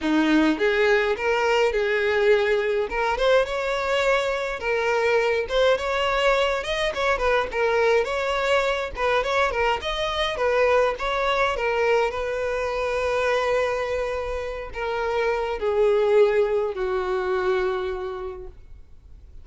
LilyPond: \new Staff \with { instrumentName = "violin" } { \time 4/4 \tempo 4 = 104 dis'4 gis'4 ais'4 gis'4~ | gis'4 ais'8 c''8 cis''2 | ais'4. c''8 cis''4. dis''8 | cis''8 b'8 ais'4 cis''4. b'8 |
cis''8 ais'8 dis''4 b'4 cis''4 | ais'4 b'2.~ | b'4. ais'4. gis'4~ | gis'4 fis'2. | }